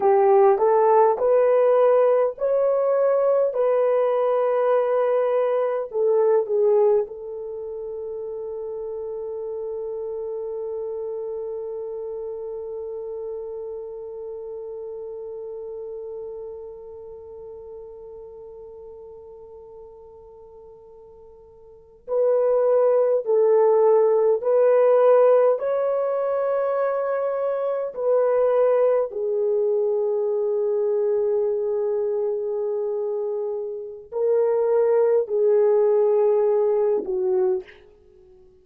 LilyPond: \new Staff \with { instrumentName = "horn" } { \time 4/4 \tempo 4 = 51 g'8 a'8 b'4 cis''4 b'4~ | b'4 a'8 gis'8 a'2~ | a'1~ | a'1~ |
a'2~ a'8. b'4 a'16~ | a'8. b'4 cis''2 b'16~ | b'8. gis'2.~ gis'16~ | gis'4 ais'4 gis'4. fis'8 | }